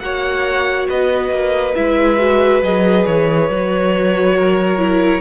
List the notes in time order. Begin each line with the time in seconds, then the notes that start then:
0.00 A#3 F#4 C#5 F#5
0.89 B3 B4 D#5
1.30 A#3
1.75 G#3 E4 E5
2.19 F#4
2.62 F#3 G#4 D#5
3.06 E3 C#5
3.49 F#3 F#4
4.36 A#4
4.79 E4